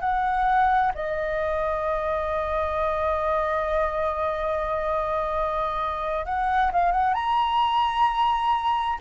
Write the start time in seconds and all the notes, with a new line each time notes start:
0.00 F#5
0.95 D#5
6.25 F#5
6.72 F5
6.92 F#5
7.14 A#5